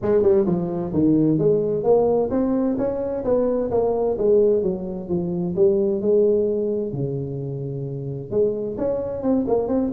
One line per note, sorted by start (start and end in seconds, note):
0.02 0.22 G#3
0.22 0.45 G3
0.46 0.92 F3
0.93 1.38 D#3
1.38 1.83 G#3
1.83 2.29 A#3
2.30 2.76 C4
2.77 3.23 C#4
3.24 3.70 B3
3.70 4.17 A#3
4.18 4.62 G#3
4.62 5.08 F#3
5.09 5.55 F3
5.55 6.01 G3
6.01 6.92 G#3
6.92 8.30 C#3
8.30 8.77 G#3
8.77 9.22 C#4
9.22 9.45 C4
9.47 9.68 A#3
9.68 9.91 C4